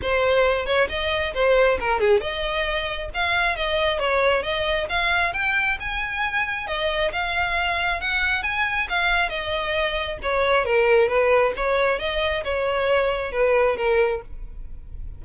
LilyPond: \new Staff \with { instrumentName = "violin" } { \time 4/4 \tempo 4 = 135 c''4. cis''8 dis''4 c''4 | ais'8 gis'8 dis''2 f''4 | dis''4 cis''4 dis''4 f''4 | g''4 gis''2 dis''4 |
f''2 fis''4 gis''4 | f''4 dis''2 cis''4 | ais'4 b'4 cis''4 dis''4 | cis''2 b'4 ais'4 | }